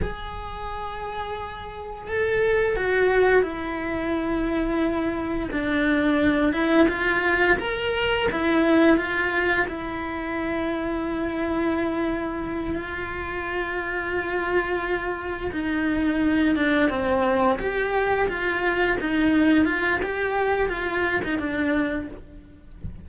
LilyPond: \new Staff \with { instrumentName = "cello" } { \time 4/4 \tempo 4 = 87 gis'2. a'4 | fis'4 e'2. | d'4. e'8 f'4 ais'4 | e'4 f'4 e'2~ |
e'2~ e'8 f'4.~ | f'2~ f'8 dis'4. | d'8 c'4 g'4 f'4 dis'8~ | dis'8 f'8 g'4 f'8. dis'16 d'4 | }